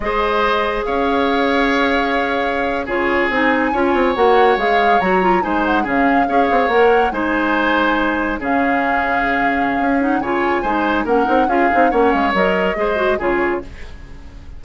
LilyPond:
<<
  \new Staff \with { instrumentName = "flute" } { \time 4/4 \tempo 4 = 141 dis''2 f''2~ | f''2~ f''8. cis''4 gis''16~ | gis''4.~ gis''16 fis''4 f''4 ais''16~ | ais''8. gis''8 fis''8 f''2 fis''16~ |
fis''8. gis''2. f''16~ | f''2.~ f''8 fis''8 | gis''2 fis''4 f''4 | fis''8 f''8 dis''2 cis''4 | }
  \new Staff \with { instrumentName = "oboe" } { \time 4/4 c''2 cis''2~ | cis''2~ cis''8. gis'4~ gis'16~ | gis'8. cis''2.~ cis''16~ | cis''8. c''4 gis'4 cis''4~ cis''16~ |
cis''8. c''2. gis'16~ | gis'1 | cis''4 c''4 ais'4 gis'4 | cis''2 c''4 gis'4 | }
  \new Staff \with { instrumentName = "clarinet" } { \time 4/4 gis'1~ | gis'2~ gis'8. f'4 dis'16~ | dis'8. f'4 fis'4 gis'4 fis'16~ | fis'16 f'8 dis'4 cis'4 gis'4 ais'16~ |
ais'8. dis'2. cis'16~ | cis'2.~ cis'8 dis'8 | f'4 dis'4 cis'8 dis'8 f'8 dis'8 | cis'4 ais'4 gis'8 fis'8 f'4 | }
  \new Staff \with { instrumentName = "bassoon" } { \time 4/4 gis2 cis'2~ | cis'2~ cis'8. cis4 c'16~ | c'8. cis'8 c'8 ais4 gis4 fis16~ | fis8. gis4 cis4 cis'8 c'8 ais16~ |
ais8. gis2. cis16~ | cis2. cis'4 | cis4 gis4 ais8 c'8 cis'8 c'8 | ais8 gis8 fis4 gis4 cis4 | }
>>